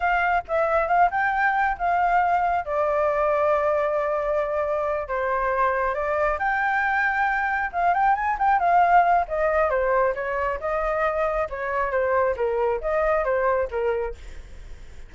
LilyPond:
\new Staff \with { instrumentName = "flute" } { \time 4/4 \tempo 4 = 136 f''4 e''4 f''8 g''4. | f''2 d''2~ | d''2.~ d''8 c''8~ | c''4. d''4 g''4.~ |
g''4. f''8 g''8 gis''8 g''8 f''8~ | f''4 dis''4 c''4 cis''4 | dis''2 cis''4 c''4 | ais'4 dis''4 c''4 ais'4 | }